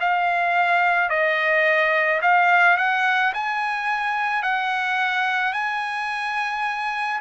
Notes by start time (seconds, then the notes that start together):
0.00 F5
1.09 D#5
2.21 F5
2.77 F#5
3.34 G#5
4.42 F#5
5.53 G#5